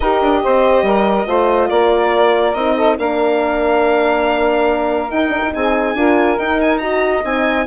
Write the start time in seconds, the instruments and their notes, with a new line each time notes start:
0.00 bassoon D#4, horn G4, saxophone A#4, violin D#5
0.21 bassoon D4
0.43 bassoon C4, saxophone C5
0.82 bassoon G3, saxophone A#4
1.27 bassoon A3, horn F4, saxophone C5
1.69 bassoon A#3, saxophone A#4, violin D5
2.54 bassoon C4, horn D#4, violin D#5
2.76 saxophone A4
2.98 bassoon A#3, horn D4, saxophone A#4, violin F5
5.09 horn D#4, bassoon D#4, violin G5
5.29 horn D4
5.42 horn D#4
5.54 bassoon C4, saxophone G#4, violin G#5
5.94 bassoon D4, horn F4, saxophone A#4
6.37 horn D#4, bassoon D#4, violin G5
6.60 violin G#5
6.78 horn F#4, saxophone D#5, violin A#5
7.24 bassoon C4, horn D#4, violin G#5